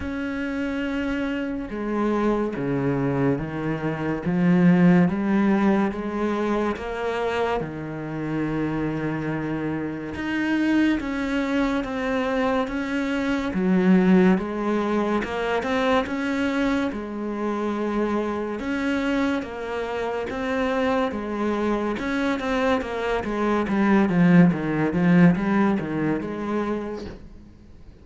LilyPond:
\new Staff \with { instrumentName = "cello" } { \time 4/4 \tempo 4 = 71 cis'2 gis4 cis4 | dis4 f4 g4 gis4 | ais4 dis2. | dis'4 cis'4 c'4 cis'4 |
fis4 gis4 ais8 c'8 cis'4 | gis2 cis'4 ais4 | c'4 gis4 cis'8 c'8 ais8 gis8 | g8 f8 dis8 f8 g8 dis8 gis4 | }